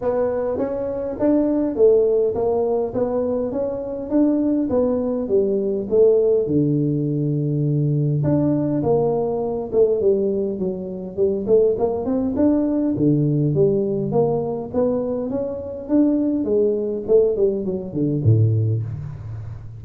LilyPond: \new Staff \with { instrumentName = "tuba" } { \time 4/4 \tempo 4 = 102 b4 cis'4 d'4 a4 | ais4 b4 cis'4 d'4 | b4 g4 a4 d4~ | d2 d'4 ais4~ |
ais8 a8 g4 fis4 g8 a8 | ais8 c'8 d'4 d4 g4 | ais4 b4 cis'4 d'4 | gis4 a8 g8 fis8 d8 a,4 | }